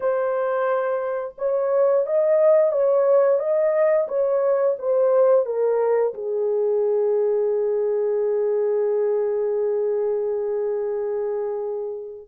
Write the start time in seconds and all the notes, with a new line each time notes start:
0.00 C5
1.38 C#5
2.06 D#5
2.72 C#5
3.39 D#5
4.08 C#5
4.78 C5
5.45 A#4
6.14 G#4